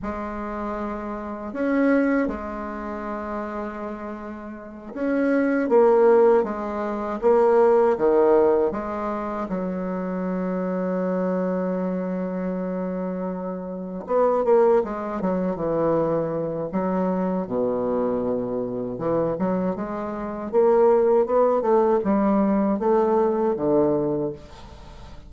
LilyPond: \new Staff \with { instrumentName = "bassoon" } { \time 4/4 \tempo 4 = 79 gis2 cis'4 gis4~ | gis2~ gis8 cis'4 ais8~ | ais8 gis4 ais4 dis4 gis8~ | gis8 fis2.~ fis8~ |
fis2~ fis8 b8 ais8 gis8 | fis8 e4. fis4 b,4~ | b,4 e8 fis8 gis4 ais4 | b8 a8 g4 a4 d4 | }